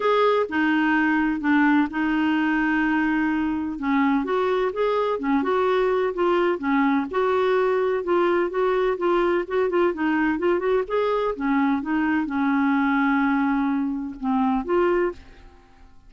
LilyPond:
\new Staff \with { instrumentName = "clarinet" } { \time 4/4 \tempo 4 = 127 gis'4 dis'2 d'4 | dis'1 | cis'4 fis'4 gis'4 cis'8 fis'8~ | fis'4 f'4 cis'4 fis'4~ |
fis'4 f'4 fis'4 f'4 | fis'8 f'8 dis'4 f'8 fis'8 gis'4 | cis'4 dis'4 cis'2~ | cis'2 c'4 f'4 | }